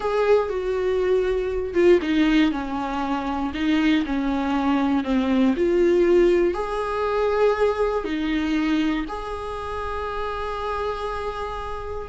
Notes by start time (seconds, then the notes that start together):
0.00 G#4
0.49 F#4
1.74 F4
2.02 D#4
2.51 C#4
3.54 D#4
4.06 C#4
5.04 C4
5.56 F4
6.54 G#4
8.04 D#4
9.08 G#4